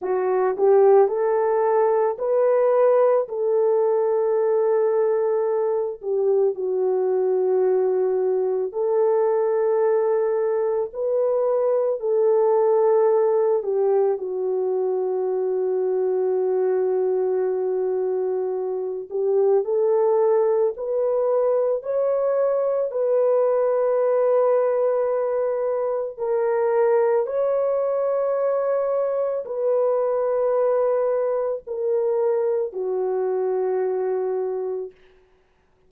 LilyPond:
\new Staff \with { instrumentName = "horn" } { \time 4/4 \tempo 4 = 55 fis'8 g'8 a'4 b'4 a'4~ | a'4. g'8 fis'2 | a'2 b'4 a'4~ | a'8 g'8 fis'2.~ |
fis'4. g'8 a'4 b'4 | cis''4 b'2. | ais'4 cis''2 b'4~ | b'4 ais'4 fis'2 | }